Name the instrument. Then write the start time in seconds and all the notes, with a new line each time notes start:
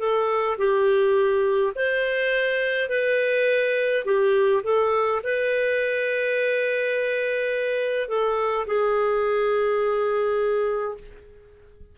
clarinet
0.00 A4
0.58 G4
1.76 C5
2.90 B4
4.05 G4
4.64 A4
5.24 B4
8.09 A4
8.67 G#4